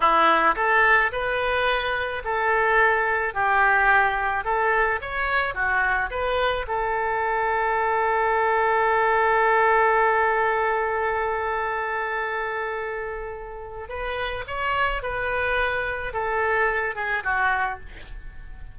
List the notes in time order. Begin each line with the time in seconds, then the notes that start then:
0.00 E4
0.55 A4
1.11 B4
2.24 A4
3.34 G4
4.44 A4
5.01 C#5
5.54 F#4
6.10 B4
6.67 A4
13.89 B4
14.47 C#5
15.02 B4
16.13 A4
16.95 G#4
17.23 F#4